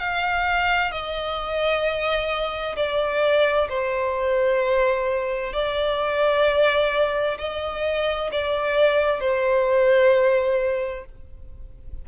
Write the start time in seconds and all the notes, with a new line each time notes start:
0.00 F5
0.92 D#5
2.77 D5
3.70 C5
5.53 D5
7.39 D#5
8.32 D5
9.21 C5